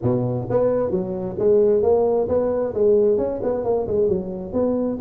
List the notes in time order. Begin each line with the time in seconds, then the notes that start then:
0.02 B2
0.50 B3
0.90 F#3
1.39 G#3
1.82 A#3
2.28 B3
2.74 G#3
3.17 C#4
3.43 B3
3.64 A#3
3.87 G#3
4.08 F#3
4.52 B3